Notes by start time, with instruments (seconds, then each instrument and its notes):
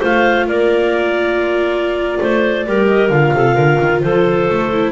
0.00 double bass A3, viola F4, clarinet C5 F5
0.48 double bass A#3, clarinet A#4 D5
2.21 double bass A3, clarinet C5
2.67 double bass G3, viola G4, clarinet A#4
2.88 clarinet D#5
3.10 double bass D3, viola F4, clarinet F5
3.34 double bass C3, clarinet A4
3.55 double bass D3, clarinet A#4
3.81 double bass D#3
4.01 double bass F3, clarinet A4 C5
4.50 double bass A3
4.73 viola E4